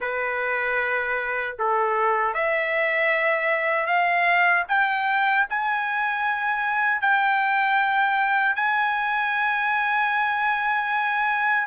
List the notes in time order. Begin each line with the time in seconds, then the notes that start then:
0.00 B4
1.58 A4
2.33 E5
3.86 F5
4.68 G5
5.49 G#5
7.01 G5
8.55 G#5